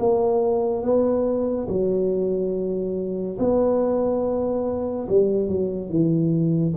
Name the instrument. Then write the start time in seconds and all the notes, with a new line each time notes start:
tuba
0.00 A#3
0.83 B3
1.69 F#3
3.39 B3
5.09 G3
5.49 F#3
5.90 E3